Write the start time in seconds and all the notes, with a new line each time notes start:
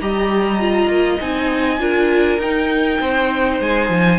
0.00 G3 G4 D#5 A#5
0.59 F4
0.86 A#3
1.20 C4 D#4 G#5
1.79 D4 F4 A#4
2.38 D#4 G5
2.99 C4 C5
3.60 G#3 G#5
3.89 F3